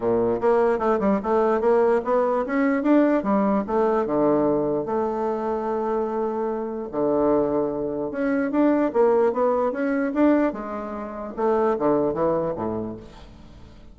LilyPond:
\new Staff \with { instrumentName = "bassoon" } { \time 4/4 \tempo 4 = 148 ais,4 ais4 a8 g8 a4 | ais4 b4 cis'4 d'4 | g4 a4 d2 | a1~ |
a4 d2. | cis'4 d'4 ais4 b4 | cis'4 d'4 gis2 | a4 d4 e4 a,4 | }